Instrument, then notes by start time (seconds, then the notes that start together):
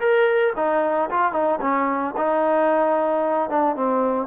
trombone
0.00 A#4
0.56 D#4
1.10 F4
1.33 D#4
1.61 C#4
2.17 D#4
3.50 D4
3.76 C4